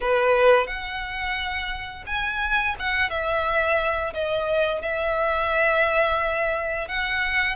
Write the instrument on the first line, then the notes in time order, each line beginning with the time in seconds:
violin
0.00 B4
0.66 F#5
2.06 G#5
2.79 F#5
3.09 E5
4.13 D#5
4.81 E5
6.88 F#5